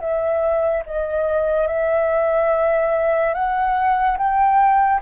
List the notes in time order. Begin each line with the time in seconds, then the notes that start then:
0.00 E5
0.86 D#5
1.67 E5
3.34 F#5
4.18 G5